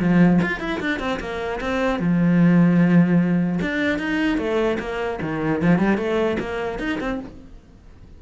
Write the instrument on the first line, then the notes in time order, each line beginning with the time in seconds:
cello
0.00 F3
0.42 F4
0.60 E4
0.80 D4
1.00 C4
1.20 A#3
1.61 C4
1.99 F3
3.62 D4
3.99 D#4
4.38 A3
4.80 A#3
5.22 D#3
5.62 F3
5.79 G3
5.97 A3
6.40 A#3
6.79 D#4
7.00 C4